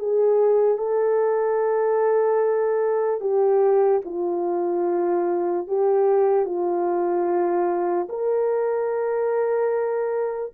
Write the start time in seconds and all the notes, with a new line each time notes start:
0.00 G#4
0.78 A4
3.21 G4
4.06 F4
5.68 G4
6.46 F4
8.10 A#4